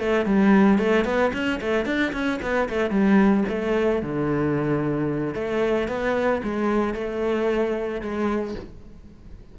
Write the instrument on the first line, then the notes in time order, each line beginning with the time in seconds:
cello
0.00 A3
0.26 G3
0.79 A3
1.05 B3
1.34 C#4
1.61 A3
1.86 D4
2.13 C#4
2.42 B3
2.70 A3
2.91 G3
3.49 A3
4.03 D3
5.35 A3
5.89 B3
6.44 G#3
6.94 A3
8.02 G#3